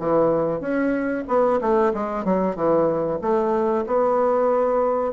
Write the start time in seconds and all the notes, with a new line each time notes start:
0.00 E3
0.61 C#4
1.28 B3
1.61 A3
1.94 G#3
2.25 F#3
2.56 E3
3.22 A3
3.87 B3